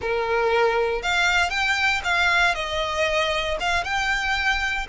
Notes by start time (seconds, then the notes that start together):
0.01 A#4
1.02 F5
1.50 G5
2.04 F5
2.55 D#5
3.60 F5
3.84 G5